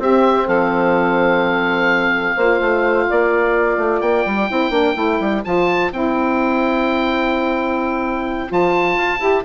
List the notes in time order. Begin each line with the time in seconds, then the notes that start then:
0.00 C4 G4 E5
0.47 F3 A4 F5
2.36 A#3 F4 C5
2.61 A3
3.09 A#3 D5
3.78 A3
4.01 A#3 G5
4.26 G3
4.48 C4 E4 C5
4.71 A#3 D4
4.95 A3 E4
5.21 G3
5.44 F3 F4 A5
5.92 C4 E4 G5
8.48 F3 F4 A5
8.97 F4
9.20 E4 G4